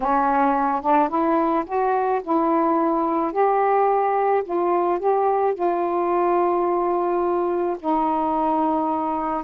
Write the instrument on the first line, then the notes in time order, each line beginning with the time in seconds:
saxophone
0.00 C#4
0.81 D4
1.08 E4
1.66 F#4
2.23 E4
3.32 G4
4.43 F4
4.99 G4
5.54 F4
7.79 D#4